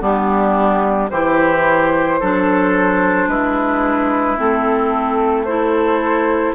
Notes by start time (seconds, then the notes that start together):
0.00 G3 B3 D4 G4
1.10 E3 E4 G4 C5
2.20 F#3 D4 A4
3.28 G#3 E4 B4
4.38 A3 C4 A4
5.46 E4 A4 C5